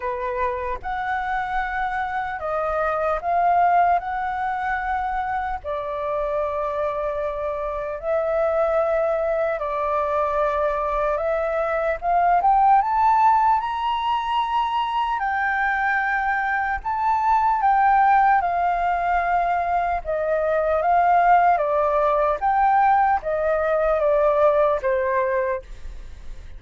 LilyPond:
\new Staff \with { instrumentName = "flute" } { \time 4/4 \tempo 4 = 75 b'4 fis''2 dis''4 | f''4 fis''2 d''4~ | d''2 e''2 | d''2 e''4 f''8 g''8 |
a''4 ais''2 g''4~ | g''4 a''4 g''4 f''4~ | f''4 dis''4 f''4 d''4 | g''4 dis''4 d''4 c''4 | }